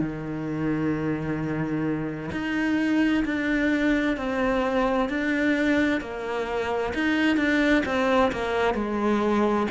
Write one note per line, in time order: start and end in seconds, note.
0.00 2.31 D#3
2.32 3.24 D#4
3.25 4.17 D4
4.17 5.09 C4
5.09 6.01 D4
6.01 6.94 A#3
6.94 7.37 D#4
7.37 7.83 D4
7.86 8.32 C4
8.32 8.74 A#3
8.74 9.67 G#3